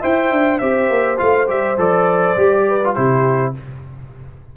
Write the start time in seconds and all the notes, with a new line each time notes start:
0.00 E4 C5 E5 G5
0.31 D4
0.59 C4 G4 C5 E5
0.90 A#3
1.17 A3 F4 F5
1.47 G3 G4 E5
1.78 F3 A4 D5
2.37 G3 G4
2.68 B4
2.85 F4
2.94 C3 E4 G4 C5